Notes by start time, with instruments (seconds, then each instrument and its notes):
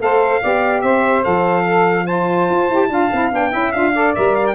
0.00 tuba A3, saxophone A4 C5, trumpet F5
0.42 tuba B3, saxophone G4 D5
0.82 tuba C4, saxophone C5, trumpet E5
1.23 tuba F3, saxophone A4, trumpet F5
1.64 saxophone A4
2.06 saxophone F4 C5, trumpet A5
2.51 tuba F4
2.70 tuba E4, saxophone G4
2.90 tuba D4, saxophone F4 F5
3.13 tuba C4, saxophone E4
3.32 tuba B3, saxophone D4, trumpet G5
3.51 tuba C#4, saxophone E4 E5
3.73 tuba D4, saxophone F4, trumpet F5
3.94 saxophone A4 D5
4.15 tuba G3, saxophone A#4, trumpet E5
4.36 trumpet F5
4.47 trumpet G5